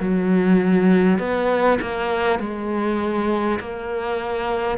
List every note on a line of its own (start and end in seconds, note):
0.00 1.19 F#3
1.19 1.79 B3
1.81 2.39 A#3
2.39 3.59 G#3
3.60 4.78 A#3